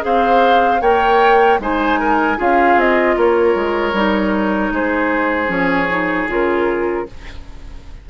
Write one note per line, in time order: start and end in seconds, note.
0.00 0.81 C4
0.00 0.78 G#4
0.00 0.81 C5
0.00 0.81 F5
0.81 1.59 A#3
0.81 1.59 A#4
0.81 1.59 C#5
0.81 1.59 G5
1.59 2.37 G#3
1.59 2.37 D#4
1.59 1.99 C5
1.59 2.40 G#5
1.99 2.37 A#4
2.37 2.75 C#4
2.37 3.93 F4
2.37 3.15 G#4
2.37 2.79 F5
2.75 3.14 C4
2.75 3.18 D#5
3.16 3.55 A#3
3.16 4.73 A#4
3.16 4.74 C#5
3.55 3.93 G#3
3.93 4.70 G3
3.93 5.47 D#4
4.70 5.48 G#3
4.70 7.07 G#4
4.70 5.50 C5
5.47 6.26 F3
5.47 5.86 C#4
5.47 6.28 C#5
5.89 6.28 D#4
6.27 7.05 C#3
6.27 7.06 F4
6.27 7.09 A#4